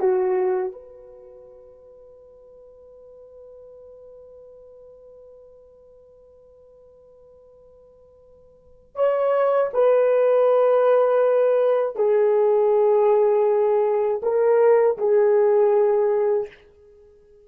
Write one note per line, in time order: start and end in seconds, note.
0.00 0.73 F#4
0.73 8.96 B4
8.96 9.71 C#5
9.74 11.96 B4
11.96 14.21 G#4
14.23 14.98 A#4
14.98 16.48 G#4